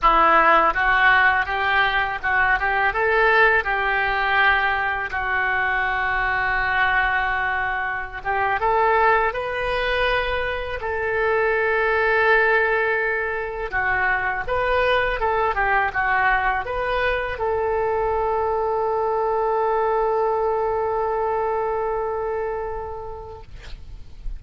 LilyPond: \new Staff \with { instrumentName = "oboe" } { \time 4/4 \tempo 4 = 82 e'4 fis'4 g'4 fis'8 g'8 | a'4 g'2 fis'4~ | fis'2.~ fis'16 g'8 a'16~ | a'8. b'2 a'4~ a'16~ |
a'2~ a'8. fis'4 b'16~ | b'8. a'8 g'8 fis'4 b'4 a'16~ | a'1~ | a'1 | }